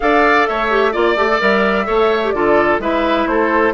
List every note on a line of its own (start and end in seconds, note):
0.00 0.48 D4
0.00 0.69 A4
0.00 0.48 D5
0.00 0.46 F5
0.46 0.95 A3
0.46 0.92 C#5
0.46 0.93 E5
0.69 0.92 G4
0.92 1.16 A#3
0.92 1.16 F4
0.92 1.86 D5
0.92 1.40 D5
1.16 1.39 A3
1.16 1.28 G4
1.29 1.40 A4
1.40 1.88 G3
1.40 1.85 A#4
1.40 2.30 E5
1.85 2.33 A3
1.85 2.20 A4
1.85 2.33 C#5
2.23 2.34 G4
2.30 2.78 D3
2.30 2.80 F4
2.30 2.81 A4
2.30 2.77 D5
2.78 3.25 G#3
2.78 3.73 E4
2.78 3.28 B4
2.78 3.27 E5
3.26 3.73 A3
3.26 3.73 A4
3.26 3.73 C5